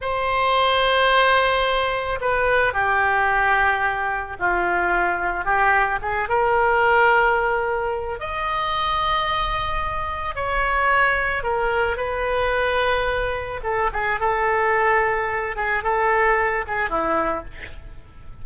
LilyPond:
\new Staff \with { instrumentName = "oboe" } { \time 4/4 \tempo 4 = 110 c''1 | b'4 g'2. | f'2 g'4 gis'8 ais'8~ | ais'2. dis''4~ |
dis''2. cis''4~ | cis''4 ais'4 b'2~ | b'4 a'8 gis'8 a'2~ | a'8 gis'8 a'4. gis'8 e'4 | }